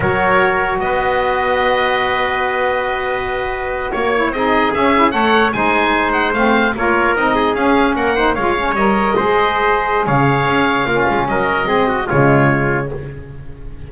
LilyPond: <<
  \new Staff \with { instrumentName = "oboe" } { \time 4/4 \tempo 4 = 149 cis''2 dis''2~ | dis''1~ | dis''4.~ dis''16 cis''4 dis''4 e''16~ | e''8. fis''4 gis''4. fis''8 f''16~ |
f''8. cis''4 dis''4 f''4 fis''16~ | fis''8. f''4 dis''2~ dis''16~ | dis''4 f''2. | dis''2 cis''2 | }
  \new Staff \with { instrumentName = "trumpet" } { \time 4/4 ais'2 b'2~ | b'1~ | b'4.~ b'16 cis''4 gis'4~ gis'16~ | gis'8. cis''4 c''2~ c''16~ |
c''8. ais'4. gis'4. ais'16~ | ais'16 c''8 cis''2 c''4~ c''16~ | c''4 cis''2 f'4 | ais'4 gis'8 fis'8 f'2 | }
  \new Staff \with { instrumentName = "saxophone" } { \time 4/4 fis'1~ | fis'1~ | fis'2~ fis'16 e'8 dis'4 cis'16~ | cis'16 e'8 a'4 dis'2 c'16~ |
c'8. f'4 dis'4 cis'4~ cis'16~ | cis'16 dis'8 f'8 cis'8 ais'4 gis'4~ gis'16~ | gis'2. cis'4~ | cis'4 c'4 gis2 | }
  \new Staff \with { instrumentName = "double bass" } { \time 4/4 fis2 b2~ | b1~ | b4.~ b16 ais4 c'4 cis'16~ | cis'8. a4 gis2 a16~ |
a8. ais4 c'4 cis'4 ais16~ | ais8. gis4 g4 gis4~ gis16~ | gis4 cis4 cis'4 ais8 gis8 | fis4 gis4 cis2 | }
>>